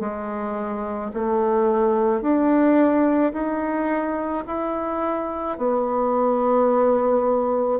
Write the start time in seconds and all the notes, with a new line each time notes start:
0.00 G#3
1.14 A3
2.21 D4
3.32 D#4
4.46 E4
5.58 B3